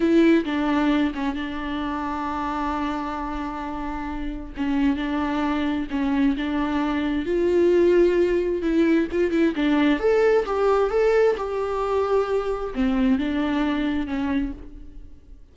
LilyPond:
\new Staff \with { instrumentName = "viola" } { \time 4/4 \tempo 4 = 132 e'4 d'4. cis'8 d'4~ | d'1~ | d'2 cis'4 d'4~ | d'4 cis'4 d'2 |
f'2. e'4 | f'8 e'8 d'4 a'4 g'4 | a'4 g'2. | c'4 d'2 cis'4 | }